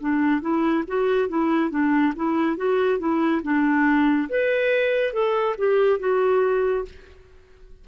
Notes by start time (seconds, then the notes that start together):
0.00 D4
0.41 E4
0.87 F#4
1.29 E4
1.70 D4
2.15 E4
2.56 F#4
2.99 E4
3.42 D4
4.29 B4
5.13 A4
5.58 G4
5.99 F#4